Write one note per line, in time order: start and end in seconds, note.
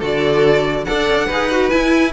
0.00 0.87 D3
0.00 0.86 F#4
0.00 0.85 A4
0.00 0.85 D5
0.85 1.10 D4
0.85 1.29 A4
0.85 1.26 D5
0.85 1.70 F#5
1.10 1.17 C#4
1.17 1.27 D4
1.26 1.72 D#4
1.26 1.51 G#4
1.26 2.11 B4
1.51 1.71 F#4
1.70 2.13 E4
1.70 2.12 G#5